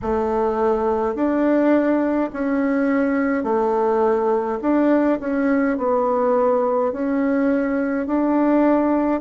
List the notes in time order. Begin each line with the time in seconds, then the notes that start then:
0.02 A3
1.15 D4
2.32 C#4
3.43 A3
4.62 D4
5.20 C#4
5.77 B3
6.92 C#4
8.06 D4